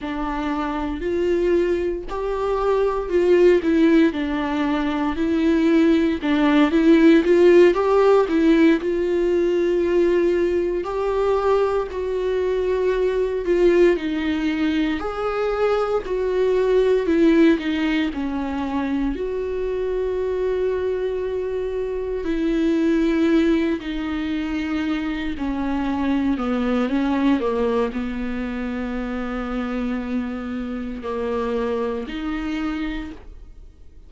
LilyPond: \new Staff \with { instrumentName = "viola" } { \time 4/4 \tempo 4 = 58 d'4 f'4 g'4 f'8 e'8 | d'4 e'4 d'8 e'8 f'8 g'8 | e'8 f'2 g'4 fis'8~ | fis'4 f'8 dis'4 gis'4 fis'8~ |
fis'8 e'8 dis'8 cis'4 fis'4.~ | fis'4. e'4. dis'4~ | dis'8 cis'4 b8 cis'8 ais8 b4~ | b2 ais4 dis'4 | }